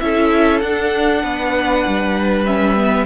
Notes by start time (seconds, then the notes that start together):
0.00 C#4 E4 A4 E5
0.61 D4 F#5
1.22 B3 B4
1.87 G3
2.46 C#4 E5
2.77 B3